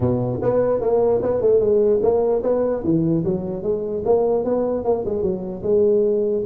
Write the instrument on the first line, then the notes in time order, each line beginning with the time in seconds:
tuba
0.00 B2
0.42 B3
0.80 A#3
1.22 B3
1.41 A3
1.60 G#3
2.02 A#3
2.43 B3
2.84 E3
3.24 F#3
3.62 G#3
4.05 A#3
4.44 B3
4.84 A#3
5.05 G#3
5.22 F#3
5.62 G#3